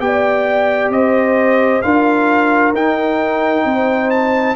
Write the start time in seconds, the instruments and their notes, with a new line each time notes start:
0.00 tuba B3, trombone G4, horn D5, trumpet G5
0.90 tuba C4, horn C5, trumpet D#5
1.82 tuba D4, trombone F4, horn A#4, trumpet F5
2.73 tuba D#4, trombone D#4, trumpet G5
3.65 tuba C4, horn C5
4.10 trumpet A5